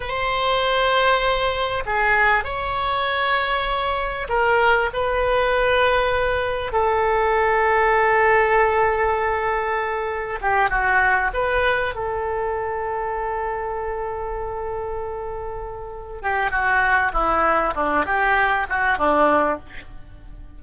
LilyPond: \new Staff \with { instrumentName = "oboe" } { \time 4/4 \tempo 4 = 98 c''2. gis'4 | cis''2. ais'4 | b'2. a'4~ | a'1~ |
a'4 g'8 fis'4 b'4 a'8~ | a'1~ | a'2~ a'8 g'8 fis'4 | e'4 d'8 g'4 fis'8 d'4 | }